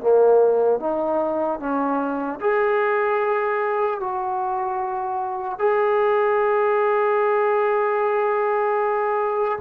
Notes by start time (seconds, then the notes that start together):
0.00 A#3
0.79 D#4
1.59 C#4
2.40 G#4
4.00 F#4
5.58 G#4